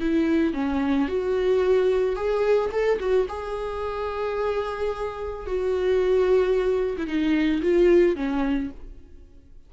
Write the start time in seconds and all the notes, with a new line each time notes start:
0.00 E4
0.53 C#4
1.08 F#4
2.16 G#4
2.71 A4
2.99 F#4
3.29 G#4
5.46 F#4
6.97 E4
7.07 D#4
7.62 F4
8.15 C#4